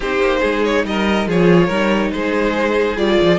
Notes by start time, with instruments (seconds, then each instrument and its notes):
0.00 cello C4, viola D#4, violin G4 C5
0.20 cello A#3
0.40 cello G#3, violin G#4
0.63 violin C#5
0.84 cello G3, violin A#4 D#5
1.26 cello F3, viola F4, violin G#4 C#5
1.66 cello G3, viola D#4, violin A#4
2.11 cello G#3, violin G#4 C5
2.96 cello G3, viola F4, violin D5
3.22 cello F3